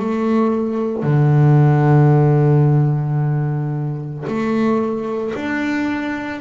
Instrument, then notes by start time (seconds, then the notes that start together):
double bass
0.00 A3
1.03 D3
4.27 A3
5.35 D4